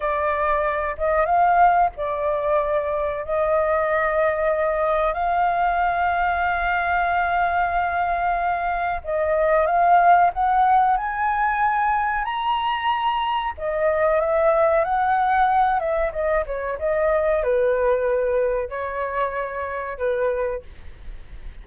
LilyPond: \new Staff \with { instrumentName = "flute" } { \time 4/4 \tempo 4 = 93 d''4. dis''8 f''4 d''4~ | d''4 dis''2. | f''1~ | f''2 dis''4 f''4 |
fis''4 gis''2 ais''4~ | ais''4 dis''4 e''4 fis''4~ | fis''8 e''8 dis''8 cis''8 dis''4 b'4~ | b'4 cis''2 b'4 | }